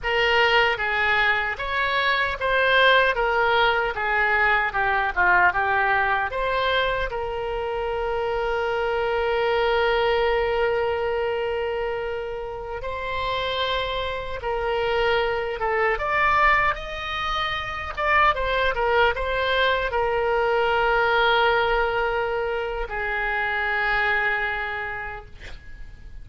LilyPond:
\new Staff \with { instrumentName = "oboe" } { \time 4/4 \tempo 4 = 76 ais'4 gis'4 cis''4 c''4 | ais'4 gis'4 g'8 f'8 g'4 | c''4 ais'2.~ | ais'1~ |
ais'16 c''2 ais'4. a'16~ | a'16 d''4 dis''4. d''8 c''8 ais'16~ | ais'16 c''4 ais'2~ ais'8.~ | ais'4 gis'2. | }